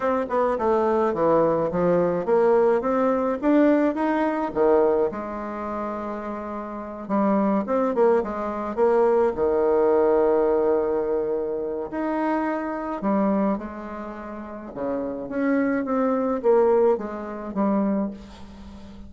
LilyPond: \new Staff \with { instrumentName = "bassoon" } { \time 4/4 \tempo 4 = 106 c'8 b8 a4 e4 f4 | ais4 c'4 d'4 dis'4 | dis4 gis2.~ | gis8 g4 c'8 ais8 gis4 ais8~ |
ais8 dis2.~ dis8~ | dis4 dis'2 g4 | gis2 cis4 cis'4 | c'4 ais4 gis4 g4 | }